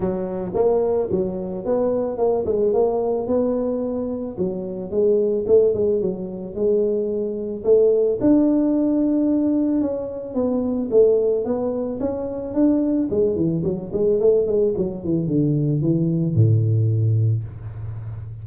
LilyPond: \new Staff \with { instrumentName = "tuba" } { \time 4/4 \tempo 4 = 110 fis4 ais4 fis4 b4 | ais8 gis8 ais4 b2 | fis4 gis4 a8 gis8 fis4 | gis2 a4 d'4~ |
d'2 cis'4 b4 | a4 b4 cis'4 d'4 | gis8 e8 fis8 gis8 a8 gis8 fis8 e8 | d4 e4 a,2 | }